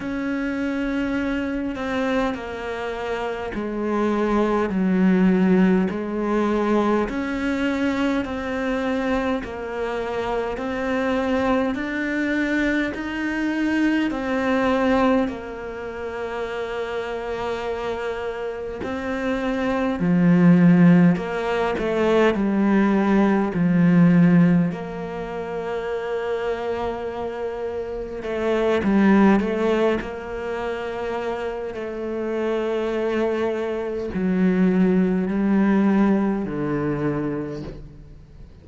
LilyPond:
\new Staff \with { instrumentName = "cello" } { \time 4/4 \tempo 4 = 51 cis'4. c'8 ais4 gis4 | fis4 gis4 cis'4 c'4 | ais4 c'4 d'4 dis'4 | c'4 ais2. |
c'4 f4 ais8 a8 g4 | f4 ais2. | a8 g8 a8 ais4. a4~ | a4 fis4 g4 d4 | }